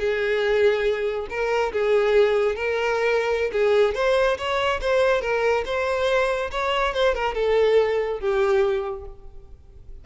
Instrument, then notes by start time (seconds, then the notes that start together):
violin
0.00 G#4
1.30 A#4
1.73 G#4
2.56 A#4
3.53 G#4
3.95 C5
4.38 C#5
4.81 C5
5.22 A#4
5.66 C5
6.52 C#5
6.94 C5
7.15 A#4
7.35 A4
8.20 G4